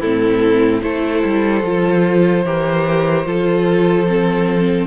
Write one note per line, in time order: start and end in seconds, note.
0.00 0.83 A2
0.00 0.81 C4
0.00 0.81 E4
0.00 0.82 A4
0.81 1.23 A3
0.81 1.62 E4
0.81 2.45 A4
0.81 4.87 C5
1.24 1.63 G3
1.63 2.44 F3
1.63 2.45 F4
2.44 3.25 E3
2.44 3.25 G4
2.44 3.26 A#4
3.25 4.87 F3
3.25 4.06 F4
3.25 4.87 A4
4.07 4.87 C4